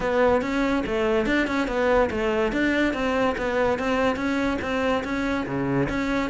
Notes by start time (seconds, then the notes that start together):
0.00 B3
0.41 C#4
0.86 A3
1.26 D4
1.47 C#4
1.67 B3
2.10 A3
2.52 D4
2.93 C4
3.37 B3
3.79 C4
4.16 C#4
4.61 C4
5.03 C#4
5.46 C#3
5.89 C#4